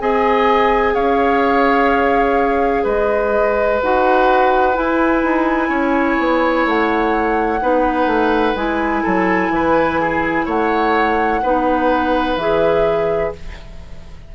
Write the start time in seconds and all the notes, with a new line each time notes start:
0.00 C4 G#4 D#5 G#5
0.94 C#4 C#5 F5
2.83 G#3 B4 D#5
3.82 D#4 F#4 F#5
4.73 E4 G#5
5.23 D#4
5.69 C#4 C#5
6.18 B3
6.66 A3 F#5
7.60 B3 D#4 B4
8.06 A3
8.55 G#3 E4 G#5
9.03 F#3 A4
9.49 E3 B4
10.01 G#4
10.45 A3 C#5 F#5
11.42 B3 D#4 B4
12.36 E3 G#4 E5